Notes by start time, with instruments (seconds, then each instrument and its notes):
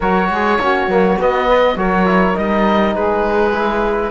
0.00 cello F#3, trombone F#4, saxophone A#4, oboe C#5
0.29 cello G#3, saxophone G#4
0.60 cello A#3, trombone C#4, saxophone F#4
0.87 cello F#3, trombone A#3
1.19 trombone B3, cello B3, oboe D#5
1.47 saxophone B4
1.75 cello F#3, trombone F#4, saxophone A#4, oboe C#5
2.05 trombone E4
2.34 cello G3, trombone D#4, oboe D#5
2.95 cello G#3, saxophone G#4, oboe B4
3.53 trombone E4